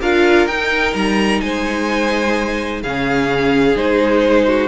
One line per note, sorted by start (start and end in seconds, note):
0.00 0.47 D4
0.00 0.49 F4
0.00 1.41 A#4
0.00 0.47 F5
0.47 0.94 D#4
0.47 2.84 D#4
0.47 0.94 G5
0.94 1.41 G3
0.94 1.41 A#5
1.41 2.83 G#3
1.41 2.82 C5
1.41 2.81 G#5
2.82 3.75 C#3
2.82 3.76 C#4
2.82 4.46 G#4
2.82 3.77 F5
3.75 4.68 G#3
3.75 4.68 D#4
3.75 4.68 C5
4.47 4.68 F#4